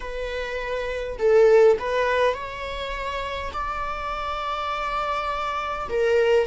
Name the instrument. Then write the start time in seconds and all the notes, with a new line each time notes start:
viola
0.00 B4
1.18 A4
1.79 B4
2.34 C#5
3.53 D5
5.89 A#4